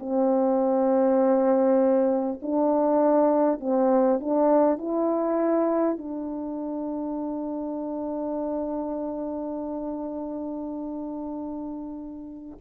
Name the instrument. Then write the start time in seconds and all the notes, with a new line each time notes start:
horn
0.00 C4
2.42 D4
3.60 C4
4.21 D4
4.78 E4
5.98 D4